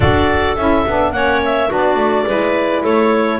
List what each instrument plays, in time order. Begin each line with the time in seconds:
0.00 double bass D4, saxophone F#4, clarinet A4 D5
0.56 double bass C#4, saxophone E4, clarinet E5
0.86 double bass B3, saxophone D4
1.12 double bass A#3, saxophone C#4, clarinet C#5 F#5
1.44 clarinet E5
1.68 double bass B3, saxophone D4, clarinet F#4 D5
1.95 double bass A3
2.27 double bass G#3, saxophone E4, clarinet B4
2.82 double bass A3, clarinet A4 C#5